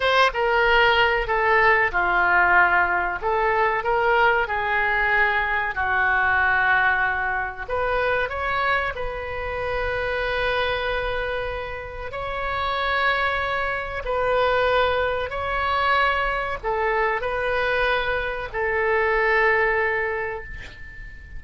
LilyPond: \new Staff \with { instrumentName = "oboe" } { \time 4/4 \tempo 4 = 94 c''8 ais'4. a'4 f'4~ | f'4 a'4 ais'4 gis'4~ | gis'4 fis'2. | b'4 cis''4 b'2~ |
b'2. cis''4~ | cis''2 b'2 | cis''2 a'4 b'4~ | b'4 a'2. | }